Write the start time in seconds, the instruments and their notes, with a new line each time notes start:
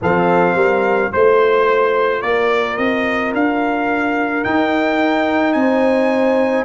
0.01 tuba F3, trombone C4, horn A4, trumpet F5
0.55 tuba G3, horn A#4
1.11 tuba A3, trombone F4, trumpet C5, horn C5
2.21 tuba A#3, horn A#4, trumpet D5
2.77 tuba C4, trumpet D#5
3.33 tuba D4, trumpet F5
4.44 trombone D#4, tuba D#4, trumpet G5
5.52 tuba C4, trumpet G#5
5.58 horn C5